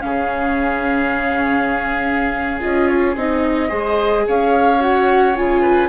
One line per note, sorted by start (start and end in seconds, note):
0.00 2.63 C#3
0.00 2.59 C#4
0.00 3.69 G#4
0.00 2.60 F5
2.60 3.16 C#4
2.60 3.15 F4
2.60 2.87 D#5
2.87 3.15 C#5
3.16 3.70 C4
3.16 3.68 D#4
3.16 4.27 D#5
3.68 4.26 G#3
3.68 4.77 G#4
3.68 4.23 C5
4.27 5.37 C#4
4.27 5.61 C#5
4.27 4.81 F5
4.80 5.35 F#4
4.80 5.36 F#5
5.35 5.89 C#3
5.35 5.89 F4
5.35 5.89 G#5
5.61 5.89 B4